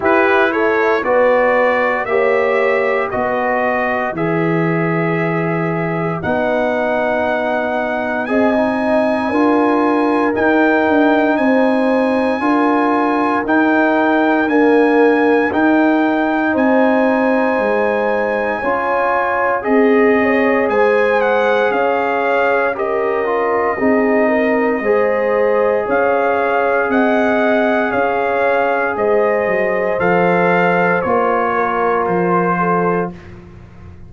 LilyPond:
<<
  \new Staff \with { instrumentName = "trumpet" } { \time 4/4 \tempo 4 = 58 b'8 cis''8 d''4 e''4 dis''4 | e''2 fis''2 | gis''2 g''4 gis''4~ | gis''4 g''4 gis''4 g''4 |
gis''2. dis''4 | gis''8 fis''8 f''4 dis''2~ | dis''4 f''4 fis''4 f''4 | dis''4 f''4 cis''4 c''4 | }
  \new Staff \with { instrumentName = "horn" } { \time 4/4 g'8 a'8 b'4 cis''4 b'4~ | b'1 | dis''4 ais'2 c''4 | ais'1 |
c''2 cis''4 gis'8 cis''8 | c''4 cis''4 ais'4 gis'8 ais'8 | c''4 cis''4 dis''4 cis''4 | c''2~ c''8 ais'4 a'8 | }
  \new Staff \with { instrumentName = "trombone" } { \time 4/4 e'4 fis'4 g'4 fis'4 | gis'2 dis'2 | gis'16 dis'8. f'4 dis'2 | f'4 dis'4 ais4 dis'4~ |
dis'2 f'4 gis'4~ | gis'2 g'8 f'8 dis'4 | gis'1~ | gis'4 a'4 f'2 | }
  \new Staff \with { instrumentName = "tuba" } { \time 4/4 e'4 b4 ais4 b4 | e2 b2 | c'4 d'4 dis'8 d'8 c'4 | d'4 dis'4 d'4 dis'4 |
c'4 gis4 cis'4 c'4 | gis4 cis'2 c'4 | gis4 cis'4 c'4 cis'4 | gis8 fis8 f4 ais4 f4 | }
>>